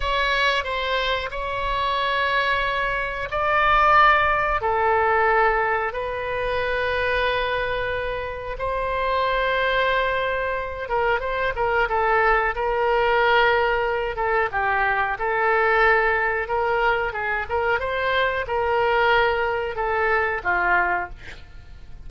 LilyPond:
\new Staff \with { instrumentName = "oboe" } { \time 4/4 \tempo 4 = 91 cis''4 c''4 cis''2~ | cis''4 d''2 a'4~ | a'4 b'2.~ | b'4 c''2.~ |
c''8 ais'8 c''8 ais'8 a'4 ais'4~ | ais'4. a'8 g'4 a'4~ | a'4 ais'4 gis'8 ais'8 c''4 | ais'2 a'4 f'4 | }